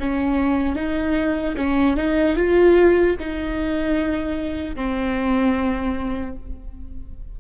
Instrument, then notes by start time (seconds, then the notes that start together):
viola
0.00 C#4
0.76 D#4
1.57 C#4
1.97 D#4
2.36 F4
3.20 D#4
4.76 C4